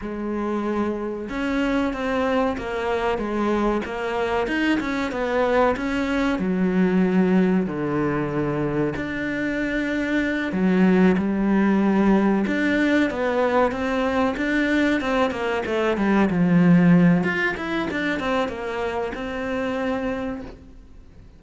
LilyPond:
\new Staff \with { instrumentName = "cello" } { \time 4/4 \tempo 4 = 94 gis2 cis'4 c'4 | ais4 gis4 ais4 dis'8 cis'8 | b4 cis'4 fis2 | d2 d'2~ |
d'8 fis4 g2 d'8~ | d'8 b4 c'4 d'4 c'8 | ais8 a8 g8 f4. f'8 e'8 | d'8 c'8 ais4 c'2 | }